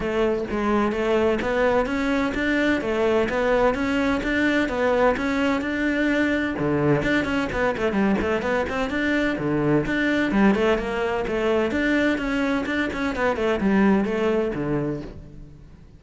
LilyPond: \new Staff \with { instrumentName = "cello" } { \time 4/4 \tempo 4 = 128 a4 gis4 a4 b4 | cis'4 d'4 a4 b4 | cis'4 d'4 b4 cis'4 | d'2 d4 d'8 cis'8 |
b8 a8 g8 a8 b8 c'8 d'4 | d4 d'4 g8 a8 ais4 | a4 d'4 cis'4 d'8 cis'8 | b8 a8 g4 a4 d4 | }